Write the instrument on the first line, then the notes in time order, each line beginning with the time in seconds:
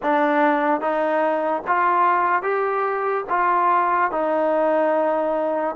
trombone
0.02 D4
0.80 D#4
1.67 F4
2.42 G4
3.29 F4
4.11 D#4